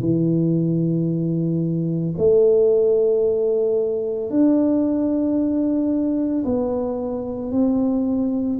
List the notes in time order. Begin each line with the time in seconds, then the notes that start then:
0.00 E3
2.18 A3
4.30 D4
6.45 B3
7.52 C4